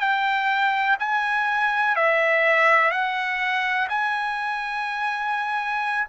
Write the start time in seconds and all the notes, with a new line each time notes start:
0.00 G5
0.99 G#5
1.96 E5
2.91 F#5
3.89 G#5